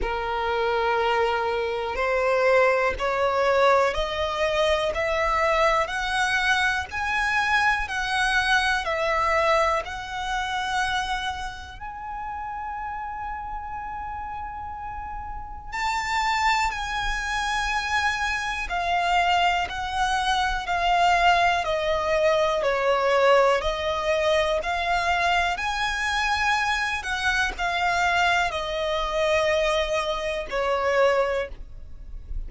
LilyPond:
\new Staff \with { instrumentName = "violin" } { \time 4/4 \tempo 4 = 61 ais'2 c''4 cis''4 | dis''4 e''4 fis''4 gis''4 | fis''4 e''4 fis''2 | gis''1 |
a''4 gis''2 f''4 | fis''4 f''4 dis''4 cis''4 | dis''4 f''4 gis''4. fis''8 | f''4 dis''2 cis''4 | }